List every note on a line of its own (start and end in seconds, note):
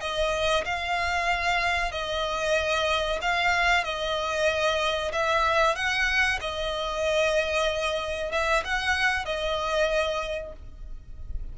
0.00 0.64 D#5
0.64 1.91 F5
1.91 3.19 D#5
3.21 3.84 F5
3.84 5.12 D#5
5.12 5.75 E5
5.75 6.39 F#5
6.41 8.31 D#5
8.31 8.63 E5
8.64 9.25 F#5
9.25 10.52 D#5